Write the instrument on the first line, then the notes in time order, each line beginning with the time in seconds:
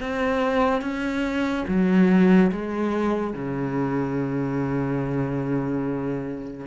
cello
0.00 C4
0.81 C#4
1.67 F#3
2.52 G#3
3.34 C#3